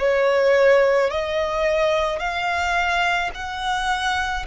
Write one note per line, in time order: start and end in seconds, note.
0.00 1.11 C#5
1.11 2.20 D#5
2.20 3.31 F5
3.35 4.46 F#5